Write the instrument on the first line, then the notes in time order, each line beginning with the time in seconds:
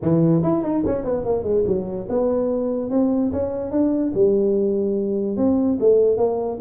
tuba
0.02 E3
0.43 E4
0.63 D#4
0.85 C#4
1.04 B3
1.24 A#3
1.43 G#3
1.66 F#3
2.09 B3
2.90 C4
3.32 C#4
3.71 D4
4.14 G3
5.36 C4
5.79 A3
6.17 A#3